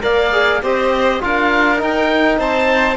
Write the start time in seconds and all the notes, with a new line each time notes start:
0.00 A#3 A#4 D5 F5
0.32 G#4
0.62 C4 G4 C5 D#5
1.20 D4 F4 A#4 F5
1.77 D#4 G5
2.38 C4 C5 A5